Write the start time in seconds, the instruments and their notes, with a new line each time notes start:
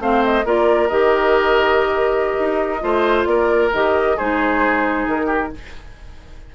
0.00 bassoon A3, clarinet C4, oboe C5, flute F5
0.25 flute D#5
0.45 bassoon A#3, clarinet F4, oboe A#4, flute D5
0.89 bassoon D#3, clarinet G4, flute D#5
2.39 bassoon D#4
2.81 bassoon A3, clarinet F4, oboe C5
3.25 bassoon A#3, oboe A#4, flute D5
3.73 bassoon D#3, clarinet G4, flute D#5
4.17 bassoon G#3, clarinet D#4, oboe G#4, flute C5
5.07 bassoon D#3, flute A#4
5.26 oboe G4